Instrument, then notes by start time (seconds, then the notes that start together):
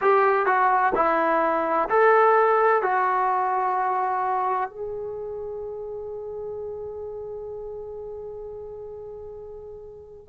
trombone
0.01 G4
0.46 F#4
0.95 E4
1.89 A4
2.82 F#4
4.70 G#4